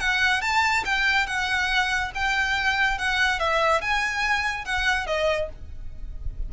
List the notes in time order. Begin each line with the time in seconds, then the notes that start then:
0.00 F#5
0.42 A5
0.85 G5
1.27 F#5
2.15 G5
2.98 F#5
3.39 E5
3.81 G#5
4.65 F#5
5.07 D#5